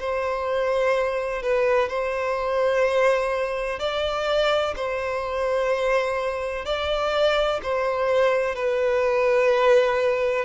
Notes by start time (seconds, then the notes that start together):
0.00 C5
1.42 B4
1.89 C5
3.79 D5
4.76 C5
6.65 D5
7.63 C5
8.55 B4